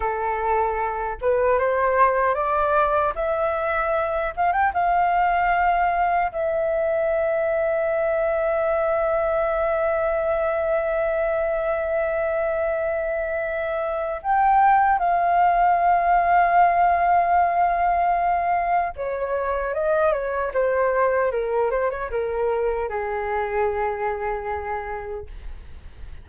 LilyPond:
\new Staff \with { instrumentName = "flute" } { \time 4/4 \tempo 4 = 76 a'4. b'8 c''4 d''4 | e''4. f''16 g''16 f''2 | e''1~ | e''1~ |
e''2 g''4 f''4~ | f''1 | cis''4 dis''8 cis''8 c''4 ais'8 c''16 cis''16 | ais'4 gis'2. | }